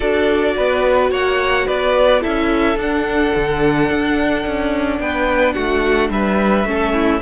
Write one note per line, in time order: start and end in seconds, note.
0.00 0.56 D4
0.00 2.20 F#4
0.00 0.54 A4
0.00 1.10 D5
0.56 1.11 B3
0.56 1.10 B4
1.10 1.66 A#3
1.10 1.66 C#5
1.10 1.67 F#5
1.66 2.23 B3
1.66 2.21 B4
1.66 2.23 D5
2.20 2.76 C#4
2.20 2.76 E4
2.20 4.99 A4
2.20 2.79 E5
2.76 3.31 D4
2.76 6.66 D4
2.76 5.00 F#5
3.35 3.90 D3
3.90 4.45 D4
4.46 4.99 C#4
4.99 5.55 B3
4.99 5.54 B4
4.99 5.53 G5
5.53 6.09 A3
5.53 6.10 F#4
5.53 6.08 F#5
6.09 6.64 G3
6.09 6.68 B4
6.09 7.22 E5
6.64 7.19 A3
6.64 7.21 C#4
6.64 6.93 A4
6.93 7.21 E4